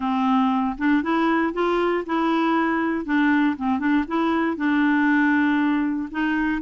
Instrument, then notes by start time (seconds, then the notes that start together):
clarinet
0.00 C4
0.78 D4
1.02 E4
1.53 F4
2.06 E4
3.05 D4
3.57 C4
3.79 D4
4.07 E4
4.56 D4
6.11 D#4